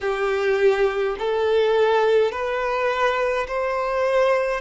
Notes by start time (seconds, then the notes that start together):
0.01 G4
1.19 A4
2.31 B4
3.47 C5